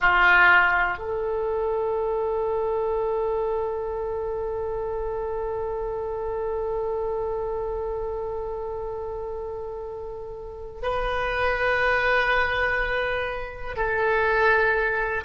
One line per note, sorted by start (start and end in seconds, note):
0.00 0.97 F4
0.97 10.81 A4
10.82 13.76 B4
13.76 15.24 A4